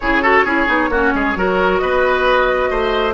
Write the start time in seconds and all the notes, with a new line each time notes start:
0.00 C#3 E4 G#4 C#5
0.22 F#4 A4
0.43 C#4 E4 G#4
0.67 B3 D#4
0.89 A#3 C#4 F#4
1.14 G#3 G#4
1.35 F#3 F#4 A#4
1.77 B3 B4 D#5
2.70 A3 C5